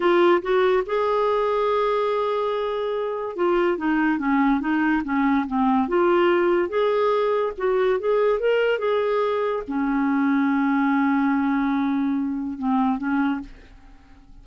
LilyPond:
\new Staff \with { instrumentName = "clarinet" } { \time 4/4 \tempo 4 = 143 f'4 fis'4 gis'2~ | gis'1 | f'4 dis'4 cis'4 dis'4 | cis'4 c'4 f'2 |
gis'2 fis'4 gis'4 | ais'4 gis'2 cis'4~ | cis'1~ | cis'2 c'4 cis'4 | }